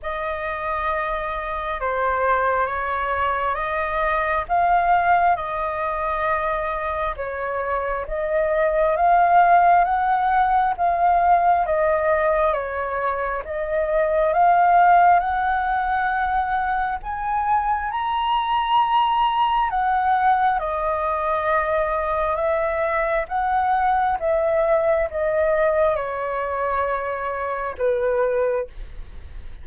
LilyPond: \new Staff \with { instrumentName = "flute" } { \time 4/4 \tempo 4 = 67 dis''2 c''4 cis''4 | dis''4 f''4 dis''2 | cis''4 dis''4 f''4 fis''4 | f''4 dis''4 cis''4 dis''4 |
f''4 fis''2 gis''4 | ais''2 fis''4 dis''4~ | dis''4 e''4 fis''4 e''4 | dis''4 cis''2 b'4 | }